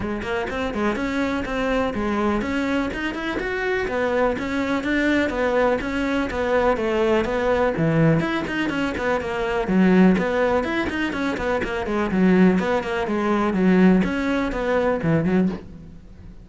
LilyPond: \new Staff \with { instrumentName = "cello" } { \time 4/4 \tempo 4 = 124 gis8 ais8 c'8 gis8 cis'4 c'4 | gis4 cis'4 dis'8 e'8 fis'4 | b4 cis'4 d'4 b4 | cis'4 b4 a4 b4 |
e4 e'8 dis'8 cis'8 b8 ais4 | fis4 b4 e'8 dis'8 cis'8 b8 | ais8 gis8 fis4 b8 ais8 gis4 | fis4 cis'4 b4 e8 fis8 | }